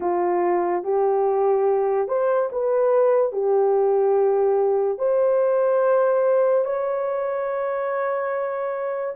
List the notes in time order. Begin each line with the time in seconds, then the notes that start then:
0.00 F4
0.83 G4
2.08 C5
2.52 B4
3.32 G4
4.98 C5
6.64 C#5